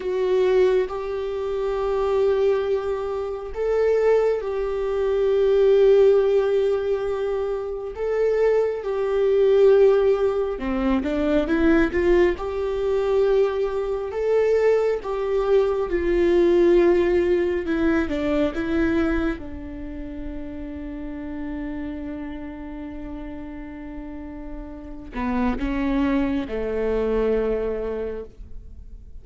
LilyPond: \new Staff \with { instrumentName = "viola" } { \time 4/4 \tempo 4 = 68 fis'4 g'2. | a'4 g'2.~ | g'4 a'4 g'2 | c'8 d'8 e'8 f'8 g'2 |
a'4 g'4 f'2 | e'8 d'8 e'4 d'2~ | d'1~ | d'8 b8 cis'4 a2 | }